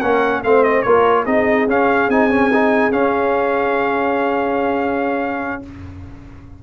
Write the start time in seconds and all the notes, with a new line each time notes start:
0.00 A#3 C#4 A#4 F#5
0.44 A3 C4 C5 F5
0.64 D#5
0.83 A#3 F4 A#4 C#5
1.24 C4 D#4 G#4 D#5
1.67 C#4 F5
2.09 C4 D#4 G#5
2.31 C#4
2.54 D#4
2.92 C#4 F5